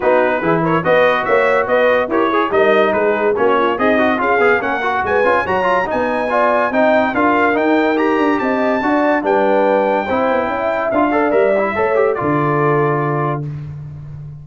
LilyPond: <<
  \new Staff \with { instrumentName = "trumpet" } { \time 4/4 \tempo 4 = 143 b'4. cis''8 dis''4 e''4 | dis''4 cis''4 dis''4 b'4 | cis''4 dis''4 f''4 fis''4 | gis''4 ais''4 gis''2 |
g''4 f''4 g''4 ais''4 | a''2 g''2~ | g''2 f''4 e''4~ | e''4 d''2. | }
  \new Staff \with { instrumentName = "horn" } { \time 4/4 fis'4 gis'8 ais'8 b'4 cis''4 | b'4 ais'8 gis'8 ais'4 gis'4 | fis'8 f'8 dis'4 gis'4 ais'4 | b'4 cis''4 dis''4 d''4 |
dis''4 ais'2. | dis''4 d''4 b'2 | c''4 e''4. d''4. | cis''4 a'2. | }
  \new Staff \with { instrumentName = "trombone" } { \time 4/4 dis'4 e'4 fis'2~ | fis'4 g'8 gis'8 dis'2 | cis'4 gis'8 fis'8 f'8 gis'8 cis'8 fis'8~ | fis'8 f'8 fis'8 f'8 dis'4 f'4 |
dis'4 f'4 dis'4 g'4~ | g'4 fis'4 d'2 | e'2 f'8 a'8 ais'8 e'8 | a'8 g'8 f'2. | }
  \new Staff \with { instrumentName = "tuba" } { \time 4/4 b4 e4 b4 ais4 | b4 e'4 g4 gis4 | ais4 c'4 cis'8 b8 ais4 | gis8 cis'8 fis4 b2 |
c'4 d'4 dis'4. d'8 | c'4 d'4 g2 | c'8 b8 cis'4 d'4 g4 | a4 d2. | }
>>